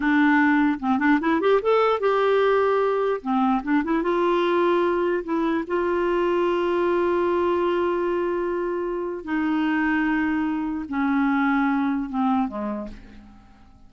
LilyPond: \new Staff \with { instrumentName = "clarinet" } { \time 4/4 \tempo 4 = 149 d'2 c'8 d'8 e'8 g'8 | a'4 g'2. | c'4 d'8 e'8 f'2~ | f'4 e'4 f'2~ |
f'1~ | f'2. dis'4~ | dis'2. cis'4~ | cis'2 c'4 gis4 | }